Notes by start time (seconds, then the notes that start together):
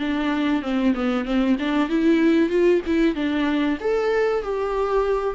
0.00 D4
0.63 C4
0.95 B3
1.25 C4
1.59 D4
1.89 E4
2.50 F4
2.87 E4
3.16 D4
3.81 A4
4.43 G4